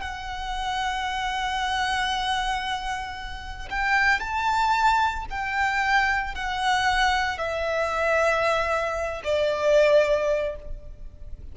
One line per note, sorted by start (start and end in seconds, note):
0.00 3.68 F#5
3.70 4.20 G5
4.20 5.25 A5
5.30 6.34 G5
6.34 7.38 F#5
7.38 9.22 E5
9.23 10.55 D5